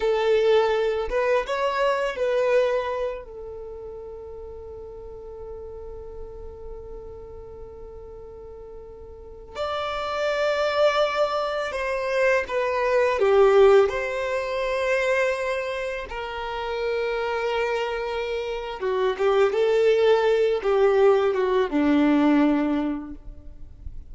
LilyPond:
\new Staff \with { instrumentName = "violin" } { \time 4/4 \tempo 4 = 83 a'4. b'8 cis''4 b'4~ | b'8 a'2.~ a'8~ | a'1~ | a'4~ a'16 d''2~ d''8.~ |
d''16 c''4 b'4 g'4 c''8.~ | c''2~ c''16 ais'4.~ ais'16~ | ais'2 fis'8 g'8 a'4~ | a'8 g'4 fis'8 d'2 | }